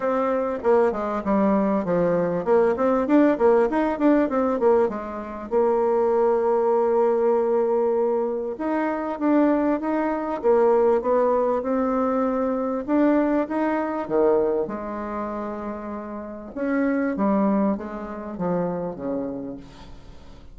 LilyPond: \new Staff \with { instrumentName = "bassoon" } { \time 4/4 \tempo 4 = 98 c'4 ais8 gis8 g4 f4 | ais8 c'8 d'8 ais8 dis'8 d'8 c'8 ais8 | gis4 ais2.~ | ais2 dis'4 d'4 |
dis'4 ais4 b4 c'4~ | c'4 d'4 dis'4 dis4 | gis2. cis'4 | g4 gis4 f4 cis4 | }